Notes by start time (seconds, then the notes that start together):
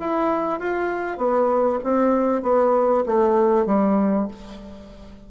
0.00 E4
0.60 F4
1.18 B3
1.84 C4
2.43 B3
3.06 A3
3.67 G3